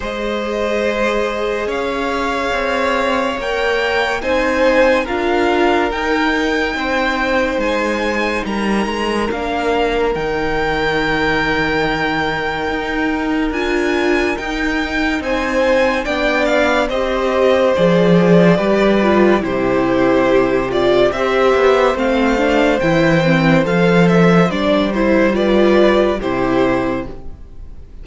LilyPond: <<
  \new Staff \with { instrumentName = "violin" } { \time 4/4 \tempo 4 = 71 dis''2 f''2 | g''4 gis''4 f''4 g''4~ | g''4 gis''4 ais''4 f''4 | g''1 |
gis''4 g''4 gis''4 g''8 f''8 | dis''4 d''2 c''4~ | c''8 d''8 e''4 f''4 g''4 | f''8 e''8 d''8 c''8 d''4 c''4 | }
  \new Staff \with { instrumentName = "violin" } { \time 4/4 c''2 cis''2~ | cis''4 c''4 ais'2 | c''2 ais'2~ | ais'1~ |
ais'2 c''4 d''4 | c''2 b'4 g'4~ | g'4 c''2.~ | c''2 b'4 g'4 | }
  \new Staff \with { instrumentName = "viola" } { \time 4/4 gis'1 | ais'4 dis'4 f'4 dis'4~ | dis'2. d'4 | dis'1 |
f'4 dis'2 d'4 | g'4 gis'4 g'8 f'8 e'4~ | e'8 f'8 g'4 c'8 d'8 e'8 c'8 | a'4 d'8 e'8 f'4 e'4 | }
  \new Staff \with { instrumentName = "cello" } { \time 4/4 gis2 cis'4 c'4 | ais4 c'4 d'4 dis'4 | c'4 gis4 g8 gis8 ais4 | dis2. dis'4 |
d'4 dis'4 c'4 b4 | c'4 f4 g4 c4~ | c4 c'8 b8 a4 e4 | f4 g2 c4 | }
>>